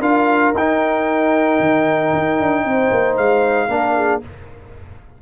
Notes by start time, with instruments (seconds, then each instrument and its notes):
0.00 tuba D4, trombone F4, horn A#4, trumpet F5
0.54 tuba D#4, trombone D#4, trumpet G5
1.59 tuba D#3
2.13 tuba D#4
2.40 tuba D4
2.64 tuba C4, horn C5
2.91 tuba A#3
3.17 tuba G#3, trumpet F5
3.68 tuba A#3, trombone D4, horn A#4
3.95 horn G#4